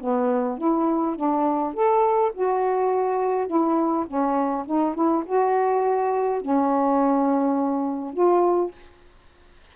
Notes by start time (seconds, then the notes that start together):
0.00 B3
0.58 E4
1.16 D4
1.73 A4
2.34 F#4
3.47 E4
4.07 C#4
4.66 D#4
4.95 E4
5.25 F#4
6.41 C#4
8.13 F4